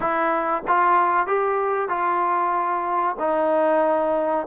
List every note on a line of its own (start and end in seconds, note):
0.00 0.63 E4
0.67 1.26 F4
1.26 1.88 G4
1.88 3.16 F4
3.19 4.46 D#4